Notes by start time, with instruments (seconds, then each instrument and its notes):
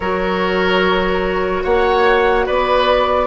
0.00 bassoon F#3, clarinet F#4, oboe A#4, flute C#5
1.63 bassoon A#3, oboe C#5, flute F#5
2.46 bassoon B3, oboe B4, flute D5